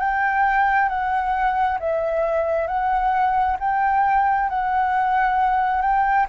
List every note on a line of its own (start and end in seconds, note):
0.00 0.89 G5
0.89 1.79 F#5
1.80 2.67 E5
2.67 3.57 F#5
3.60 4.49 G5
4.50 5.82 F#5
5.82 6.26 G5